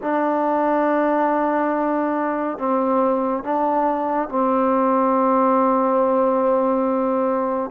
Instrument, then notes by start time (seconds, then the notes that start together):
trombone
0.02 D4
2.58 C4
3.43 D4
4.28 C4